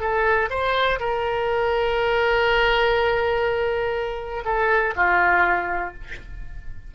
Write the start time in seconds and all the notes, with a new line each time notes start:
0.00 A4
0.50 C5
1.00 A#4
4.45 A4
4.96 F4